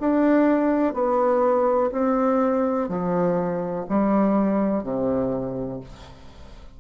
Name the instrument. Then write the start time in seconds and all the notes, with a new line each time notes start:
bassoon
0.00 D4
0.94 B3
1.92 C4
2.89 F3
3.89 G3
4.83 C3